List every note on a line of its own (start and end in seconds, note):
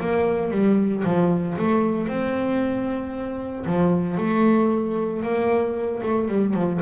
0.00 0.51 A#3
0.51 1.04 G3
1.04 1.57 F3
1.58 2.08 A3
2.08 3.66 C4
3.66 4.17 F3
4.17 5.22 A3
5.22 6.01 A#3
6.02 6.28 A3
6.28 6.54 G3
6.54 6.80 F3